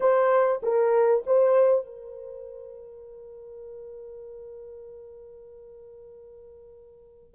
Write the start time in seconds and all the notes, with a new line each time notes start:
0.00 C5
0.62 A#4
1.26 C5
1.85 A#4